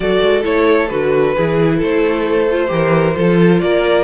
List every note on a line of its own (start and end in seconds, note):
0.00 0.21 F#3
0.00 0.42 F#4
0.00 1.35 A4
0.00 0.42 D5
0.22 0.45 G#3
0.42 0.91 A3
0.42 0.88 E4
0.42 0.88 C#5
0.88 1.36 D3
0.88 1.35 F#4
0.88 1.78 B4
1.35 1.82 E3
1.35 2.49 E4
1.35 1.78 G#4
1.78 2.70 A3
1.78 2.68 A4
1.78 3.59 C5
2.50 2.67 F4
2.67 3.15 E3
2.67 3.12 G4
2.67 3.16 A#4
3.16 3.62 F3
3.16 4.03 F4
3.16 3.61 A4
3.59 4.03 A#3
3.59 4.03 A#4
3.59 4.03 D5